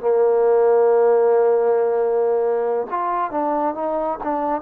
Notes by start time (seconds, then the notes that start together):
0.00 A#3
2.90 F4
3.30 D4
3.75 D#4
4.23 D4